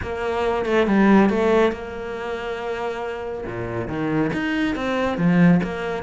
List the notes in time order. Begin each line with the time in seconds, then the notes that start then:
0.02 A#3
0.65 A3
0.86 G3
1.29 A3
1.71 A#3
3.45 A#2
3.88 D#3
4.33 D#4
4.75 C4
5.17 F3
5.63 A#3